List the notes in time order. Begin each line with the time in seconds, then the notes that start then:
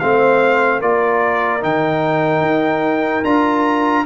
0.00 A3 C4 C5 F5
0.80 A#3 F4 A#4 D5
1.62 D#3 D#4 G5
2.42 D#4
3.25 D4 F4 A#5